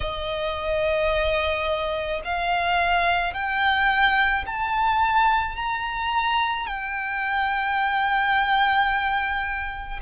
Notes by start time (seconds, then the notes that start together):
0.00 D#5
2.24 F5
3.33 G5
4.46 A5
5.56 A#5
6.66 G5